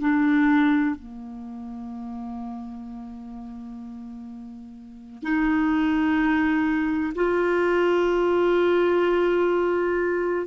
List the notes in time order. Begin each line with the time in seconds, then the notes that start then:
0.00 D4
0.95 A#3
5.23 D#4
7.15 F4